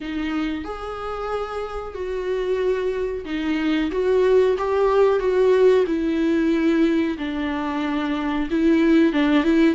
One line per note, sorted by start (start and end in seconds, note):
0.00 0.64 D#4
0.64 1.94 G#4
1.94 3.24 F#4
3.25 3.90 D#4
3.91 4.56 F#4
4.57 5.19 G4
5.19 5.84 F#4
5.86 7.17 E4
7.18 8.48 D4
8.50 9.12 E4
9.12 9.43 D4
9.43 9.74 E4